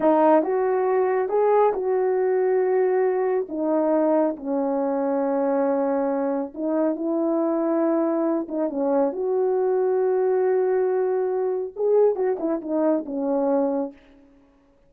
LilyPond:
\new Staff \with { instrumentName = "horn" } { \time 4/4 \tempo 4 = 138 dis'4 fis'2 gis'4 | fis'1 | dis'2 cis'2~ | cis'2. dis'4 |
e'2.~ e'8 dis'8 | cis'4 fis'2.~ | fis'2. gis'4 | fis'8 e'8 dis'4 cis'2 | }